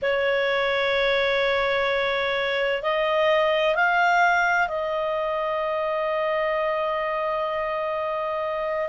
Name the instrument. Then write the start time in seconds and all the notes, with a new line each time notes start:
clarinet
0.02 C#5
2.82 D#5
3.75 F5
4.68 D#5